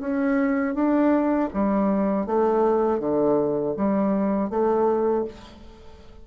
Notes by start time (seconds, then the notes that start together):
0.00 C#4
0.74 D4
1.53 G3
2.26 A3
2.99 D3
3.76 G3
4.49 A3